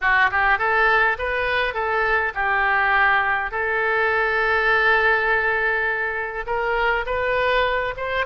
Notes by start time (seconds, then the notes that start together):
0.01 F#4
0.31 G4
0.58 A4
1.18 B4
1.74 A4
2.34 G4
3.51 A4
6.46 A#4
7.06 B4
7.97 C5